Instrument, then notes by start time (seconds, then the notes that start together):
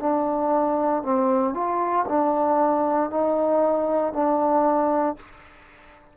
trombone
0.00 D4
1.03 C4
1.54 F4
2.09 D4
3.10 D#4
4.14 D4